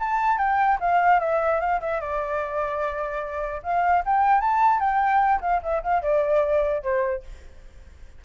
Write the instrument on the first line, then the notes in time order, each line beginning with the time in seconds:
flute
0.00 A5
0.38 G5
0.81 F5
1.20 E5
1.61 F5
1.81 E5
2.01 D5
3.64 F5
4.06 G5
4.41 A5
4.80 G5
5.42 F5
5.63 E5
5.84 F5
6.03 D5
6.83 C5